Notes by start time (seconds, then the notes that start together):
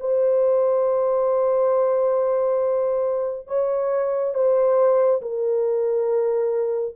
0.00 C5
3.47 C#5
4.34 C5
5.21 A#4